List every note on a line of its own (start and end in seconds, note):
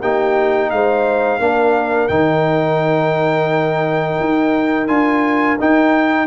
0.00 0.72 A#3
0.00 1.40 D#4
0.00 0.70 G4
0.00 0.70 G5
0.70 1.39 G#3
0.70 1.40 C5
0.70 2.08 F5
1.39 2.09 A#3
1.39 2.09 D4
1.39 6.27 A#4
2.08 4.19 D#3
2.08 4.87 D#4
2.08 4.87 G5
4.20 4.88 D#4
4.87 5.58 D4
4.87 5.57 F4
4.87 5.57 G#5
5.60 6.27 D#4
5.60 6.27 G5